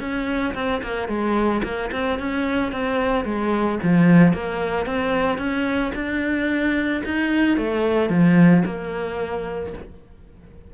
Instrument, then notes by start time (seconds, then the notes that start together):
cello
0.00 C#4
0.55 C4
0.83 A#3
1.08 G#3
1.63 A#3
1.92 C4
2.19 C#4
2.72 C4
3.25 G#3
3.83 F3
4.33 A#3
4.86 C4
5.38 C#4
5.95 D4
7.05 D#4
7.57 A3
8.10 F3
8.65 A#3